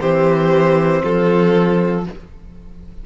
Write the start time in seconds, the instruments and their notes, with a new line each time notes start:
0.00 cello E3, trombone C4, violin G4 C5
1.03 cello F3, violin F4 A4